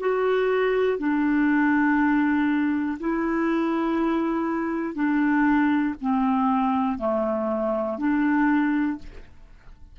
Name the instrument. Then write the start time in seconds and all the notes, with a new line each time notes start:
clarinet
0.00 F#4
0.99 D4
3.00 E4
4.95 D4
6.01 C4
6.98 A3
7.99 D4